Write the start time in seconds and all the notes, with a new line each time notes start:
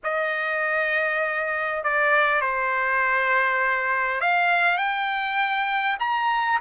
0.03 D#5
1.83 D5
2.41 C5
4.20 F5
4.77 G5
5.99 A#5